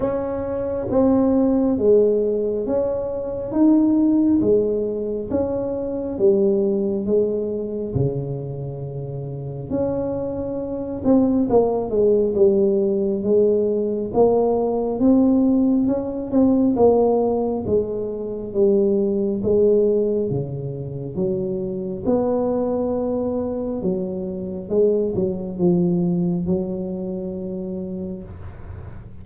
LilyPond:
\new Staff \with { instrumentName = "tuba" } { \time 4/4 \tempo 4 = 68 cis'4 c'4 gis4 cis'4 | dis'4 gis4 cis'4 g4 | gis4 cis2 cis'4~ | cis'8 c'8 ais8 gis8 g4 gis4 |
ais4 c'4 cis'8 c'8 ais4 | gis4 g4 gis4 cis4 | fis4 b2 fis4 | gis8 fis8 f4 fis2 | }